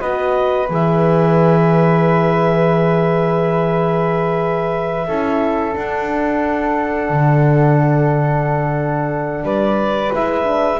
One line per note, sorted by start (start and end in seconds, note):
0.00 0.69 B3
0.00 0.68 F#4
0.00 5.06 B4
0.00 0.67 D#5
0.69 5.07 E3
0.69 5.07 G#4
0.69 5.76 E5
5.07 5.75 C#4
5.07 5.72 E4
5.07 9.44 A4
5.72 10.10 D4
5.72 7.09 D4
5.72 9.45 F#5
7.09 9.43 D3
9.43 10.10 G3
9.43 10.79 B4
9.43 10.13 D5
10.12 10.80 G#3
10.12 10.44 E4
10.12 10.80 E5
10.44 10.78 D4